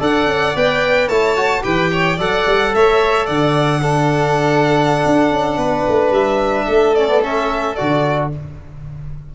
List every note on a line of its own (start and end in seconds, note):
0.00 0.26 D4
0.00 0.55 A4
0.00 1.08 D5
0.00 0.56 F#5
0.26 0.54 C#4
0.55 1.08 B3
0.55 1.10 B4
0.55 1.08 G5
1.08 1.63 A3
1.08 1.36 E4
1.08 1.62 C#5
1.08 1.63 A5
1.36 1.62 F#4
1.62 2.18 E3
1.62 2.16 G4
1.62 1.91 B4
1.62 2.18 G5
1.92 2.16 C#5
2.16 2.45 F#3
2.16 3.82 A4
2.16 2.71 D5
2.16 2.75 F#5
2.46 2.73 G3
2.74 3.28 A3
2.74 3.26 C#5
2.74 3.26 E5
3.26 5.05 D3
3.26 3.80 D5
3.26 6.12 F#5
3.81 6.96 D4
3.81 5.57 A4
5.05 5.31 D4
5.31 5.57 C#4
5.57 5.84 B3
5.57 6.65 B4
5.88 6.10 A3
6.10 6.65 G3
6.10 6.95 E5
6.65 7.78 A3
6.65 8.28 A4
6.95 7.08 C#4
6.95 7.22 D5
7.08 7.21 B3
7.22 7.76 C#4
7.22 7.75 E5
7.75 8.35 D3
7.75 8.31 F#4
7.75 8.30 D5